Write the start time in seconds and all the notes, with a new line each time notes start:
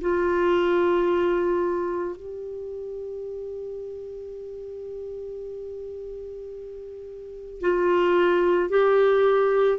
0.00 F4
2.16 G4
7.61 F4
8.69 G4